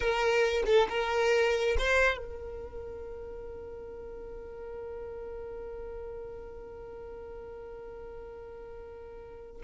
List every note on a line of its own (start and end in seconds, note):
0.00 0.63 A#4
0.65 0.87 A4
0.89 1.76 A#4
1.78 2.17 C5
2.17 9.62 A#4